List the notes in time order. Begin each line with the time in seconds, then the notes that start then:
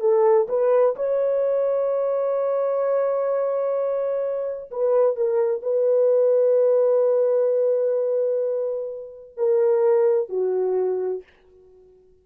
0.00 A4
0.49 B4
0.96 C#5
4.71 B4
5.16 A#4
5.62 B4
9.37 A#4
10.29 F#4